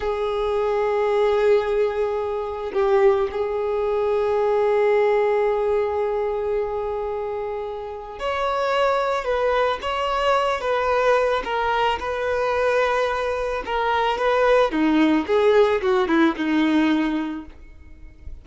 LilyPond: \new Staff \with { instrumentName = "violin" } { \time 4/4 \tempo 4 = 110 gis'1~ | gis'4 g'4 gis'2~ | gis'1~ | gis'2. cis''4~ |
cis''4 b'4 cis''4. b'8~ | b'4 ais'4 b'2~ | b'4 ais'4 b'4 dis'4 | gis'4 fis'8 e'8 dis'2 | }